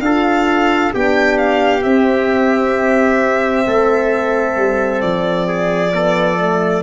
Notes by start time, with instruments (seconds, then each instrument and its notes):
0.00 tuba D4, horn F4, trumpet A4, violin F5
0.93 tuba B3, horn D4, trumpet G4, violin G5
1.38 violin F5
1.81 horn C4, tuba C4, violin E5
3.66 tuba A3, trumpet A4
4.56 tuba G3
5.01 tuba F3, violin D5
5.48 trumpet G#4
5.93 horn B3, trumpet A4
6.39 horn A3